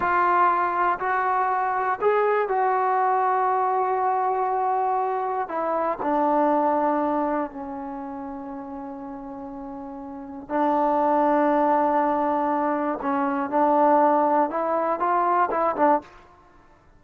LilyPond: \new Staff \with { instrumentName = "trombone" } { \time 4/4 \tempo 4 = 120 f'2 fis'2 | gis'4 fis'2.~ | fis'2. e'4 | d'2. cis'4~ |
cis'1~ | cis'4 d'2.~ | d'2 cis'4 d'4~ | d'4 e'4 f'4 e'8 d'8 | }